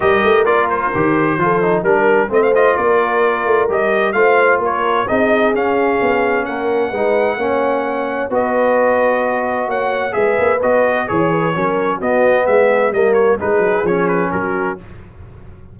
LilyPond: <<
  \new Staff \with { instrumentName = "trumpet" } { \time 4/4 \tempo 4 = 130 dis''4 d''8 c''2~ c''8 | ais'4 dis''16 f''16 dis''8 d''2 | dis''4 f''4 cis''4 dis''4 | f''2 fis''2~ |
fis''2 dis''2~ | dis''4 fis''4 e''4 dis''4 | cis''2 dis''4 e''4 | dis''8 cis''8 b'4 cis''8 b'8 ais'4 | }
  \new Staff \with { instrumentName = "horn" } { \time 4/4 ais'2. a'4 | ais'4 c''4 ais'2~ | ais'4 c''4 ais'4 gis'4~ | gis'2 ais'4 b'4 |
cis''2 b'2~ | b'4 cis''4 b'2 | cis''8 b'8 ais'4 fis'4 gis'4 | ais'4 gis'2 fis'4 | }
  \new Staff \with { instrumentName = "trombone" } { \time 4/4 g'4 f'4 g'4 f'8 dis'8 | d'4 c'8 f'2~ f'8 | g'4 f'2 dis'4 | cis'2. dis'4 |
cis'2 fis'2~ | fis'2 gis'4 fis'4 | gis'4 cis'4 b2 | ais4 dis'4 cis'2 | }
  \new Staff \with { instrumentName = "tuba" } { \time 4/4 g8 a8 ais4 dis4 f4 | g4 a4 ais4. a8 | g4 a4 ais4 c'4 | cis'4 b4 ais4 gis4 |
ais2 b2~ | b4 ais4 gis8 ais8 b4 | e4 fis4 b4 gis4 | g4 gis8 fis8 f4 fis4 | }
>>